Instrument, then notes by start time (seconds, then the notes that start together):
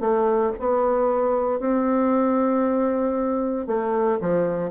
bassoon
0.00 A3
0.59 B3
1.59 C4
3.67 A3
4.20 F3